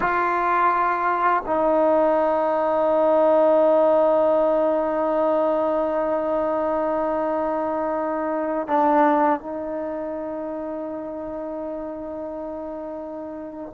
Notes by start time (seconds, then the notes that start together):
0.00 F4
1.46 D#4
8.67 D4
9.39 D#4